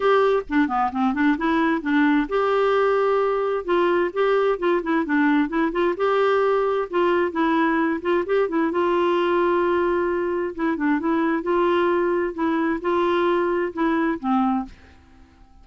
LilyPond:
\new Staff \with { instrumentName = "clarinet" } { \time 4/4 \tempo 4 = 131 g'4 d'8 b8 c'8 d'8 e'4 | d'4 g'2. | f'4 g'4 f'8 e'8 d'4 | e'8 f'8 g'2 f'4 |
e'4. f'8 g'8 e'8 f'4~ | f'2. e'8 d'8 | e'4 f'2 e'4 | f'2 e'4 c'4 | }